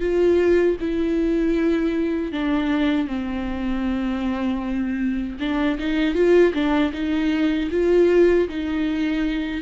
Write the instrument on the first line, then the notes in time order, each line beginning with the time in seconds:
viola
0.00 F4
0.80 E4
2.32 D4
3.07 C4
5.40 D4
5.79 D#4
6.14 F4
6.53 D4
6.93 D#4
7.71 F4
8.48 D#4